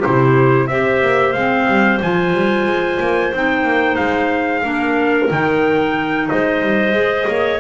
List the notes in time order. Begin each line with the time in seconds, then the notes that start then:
0.00 E4 G4 C5
0.06 C3
0.67 C4 G4 C5 E5
1.02 A#3
1.33 G#3 C4 F5
1.68 G3
2.02 F3 F4 G#5
2.33 G3
2.66 G#3
3.00 A#3
3.33 C4 D#4 G5
3.64 A#3
3.96 G#3 F5
4.62 A#3 D4 A#4
5.31 D#3 D#4 G5
6.29 G#3 C5 D#5
6.62 G3
6.92 G#3 G#4
7.28 A#3 C#5